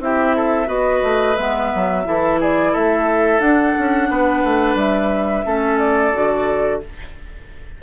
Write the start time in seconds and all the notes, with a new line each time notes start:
0.00 C4 E4 G4 E5
0.36 A4
0.66 B3 F#4 B4 D#5
1.03 A3
1.37 G#3 B3 E5
1.75 F#3
2.05 E3 E4 A4
2.40 G#4 D5
2.72 A3 A4 E5
3.40 D4 F#5
3.79 C#4
4.10 B3 B4
4.44 A3
4.75 G3 E5
5.45 A3 C#4 A4
5.79 D5
6.13 D3 F#4